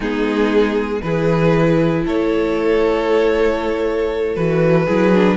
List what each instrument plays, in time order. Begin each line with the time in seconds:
0.00 cello G#3, viola B3, violin D#4 G#4
1.01 cello E3, viola E4, violin G#4 B4
2.04 cello A3, violin A4 C#5
4.35 cello E3, viola F#4, violin B4
4.85 cello F#3, viola E4, violin G#4
5.13 viola D4